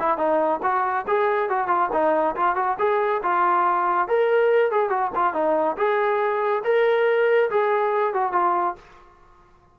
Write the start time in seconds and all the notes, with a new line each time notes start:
0.00 E4
0.18 D#4
0.63 F#4
1.08 G#4
1.50 F#4
1.68 F4
1.93 D#4
2.36 F4
2.56 F#4
2.79 G#4
3.23 F4
4.09 A#4
4.72 G#4
4.90 F#4
5.16 F4
5.34 D#4
5.78 G#4
6.65 A#4
7.51 G#4
8.14 F#4
8.33 F4